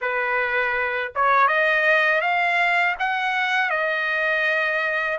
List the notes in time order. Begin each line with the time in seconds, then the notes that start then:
0.01 B4
1.15 C#5
1.47 D#5
2.21 F5
2.99 F#5
3.70 D#5